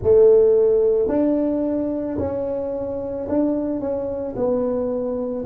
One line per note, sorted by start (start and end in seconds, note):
0.02 1.08 A3
1.08 2.17 D4
2.18 3.27 C#4
3.28 3.80 D4
3.80 4.34 C#4
4.35 5.44 B3